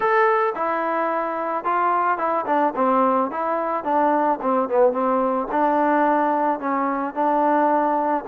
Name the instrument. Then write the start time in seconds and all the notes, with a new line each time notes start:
trombone
0.00 A4
0.55 E4
1.64 F4
2.17 E4
2.46 D4
2.75 C4
3.31 E4
3.84 D4
4.41 C4
4.68 B3
4.92 C4
5.51 D4
6.59 C#4
7.14 D4